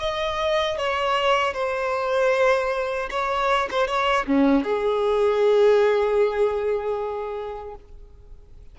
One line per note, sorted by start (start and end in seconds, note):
0.00 0.78 D#5
0.78 1.54 C#5
1.54 3.10 C5
3.11 3.69 C#5
3.71 3.87 C5
3.87 4.26 C#5
4.27 4.64 C#4
4.64 7.75 G#4